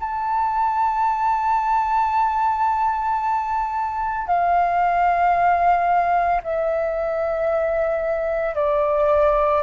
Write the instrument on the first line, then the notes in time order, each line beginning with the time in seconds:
flute
0.00 A5
4.27 F5
6.43 E5
8.55 D5